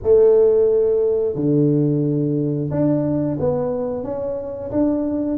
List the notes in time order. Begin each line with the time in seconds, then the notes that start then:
0.02 A3
1.35 D3
2.70 D4
3.39 B3
4.03 C#4
4.71 D4